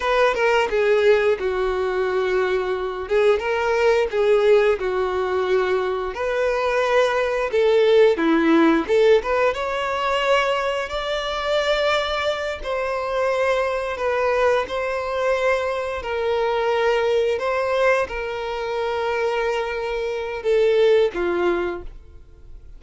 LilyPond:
\new Staff \with { instrumentName = "violin" } { \time 4/4 \tempo 4 = 88 b'8 ais'8 gis'4 fis'2~ | fis'8 gis'8 ais'4 gis'4 fis'4~ | fis'4 b'2 a'4 | e'4 a'8 b'8 cis''2 |
d''2~ d''8 c''4.~ | c''8 b'4 c''2 ais'8~ | ais'4. c''4 ais'4.~ | ais'2 a'4 f'4 | }